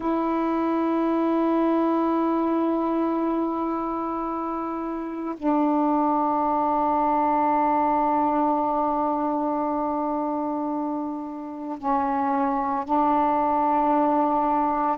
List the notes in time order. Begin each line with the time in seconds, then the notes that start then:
0.00 E4
5.37 D4
11.78 C#4
12.84 D4